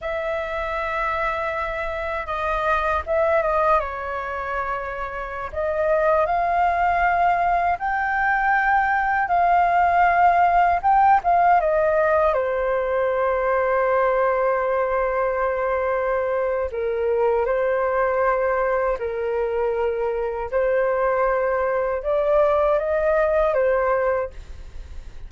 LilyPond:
\new Staff \with { instrumentName = "flute" } { \time 4/4 \tempo 4 = 79 e''2. dis''4 | e''8 dis''8 cis''2~ cis''16 dis''8.~ | dis''16 f''2 g''4.~ g''16~ | g''16 f''2 g''8 f''8 dis''8.~ |
dis''16 c''2.~ c''8.~ | c''2 ais'4 c''4~ | c''4 ais'2 c''4~ | c''4 d''4 dis''4 c''4 | }